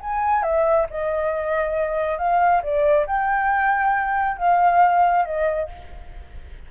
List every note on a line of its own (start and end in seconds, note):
0.00 0.42 G#5
0.42 0.86 E5
0.90 2.18 D#5
2.18 2.62 F5
2.62 3.06 D5
3.06 4.37 G5
4.37 5.25 F5
5.25 5.69 D#5